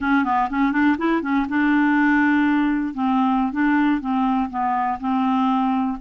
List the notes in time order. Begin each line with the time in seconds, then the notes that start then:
0.00 C#4
0.24 B3
0.49 C#4
0.71 D4
0.98 E4
1.22 C#4
1.48 D4
2.94 C4
3.52 D4
4.00 C4
4.49 B3
5.00 C4